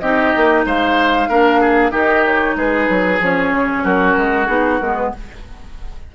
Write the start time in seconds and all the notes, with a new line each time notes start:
0.00 C4 D#4 G4 D#5
0.37 A#3
0.66 G#3 C5 F5
1.29 A#3 D4 A#4
1.61 G#4
1.92 D#3 D#4 G4 D#5
2.26 C#5
2.56 G#3 G#4 B4
2.90 F#3
3.21 F3 C#4 C#5
3.52 C#3
3.84 F#3 F#4 A#4
4.17 G#3
4.47 B3 D#4 G#4
4.80 G#3 B3 A#4
4.96 B4